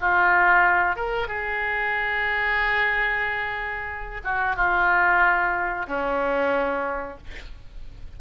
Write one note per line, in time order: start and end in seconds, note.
0.00 0.96 F4
0.96 1.27 A#4
1.27 4.21 G#4
4.24 4.56 F#4
4.56 5.86 F4
5.87 7.17 C#4